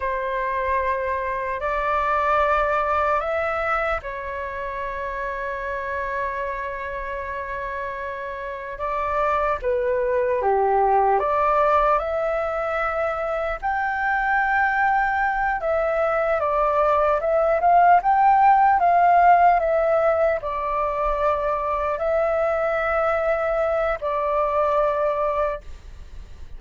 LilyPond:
\new Staff \with { instrumentName = "flute" } { \time 4/4 \tempo 4 = 75 c''2 d''2 | e''4 cis''2.~ | cis''2. d''4 | b'4 g'4 d''4 e''4~ |
e''4 g''2~ g''8 e''8~ | e''8 d''4 e''8 f''8 g''4 f''8~ | f''8 e''4 d''2 e''8~ | e''2 d''2 | }